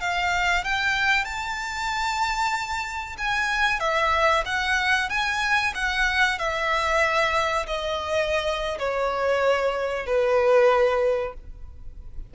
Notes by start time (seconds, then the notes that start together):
0.00 F5
0.64 G5
1.24 A5
3.18 G#5
3.80 E5
4.45 F#5
5.09 G#5
5.75 F#5
6.39 E5
7.67 D#5
8.79 C#5
10.06 B4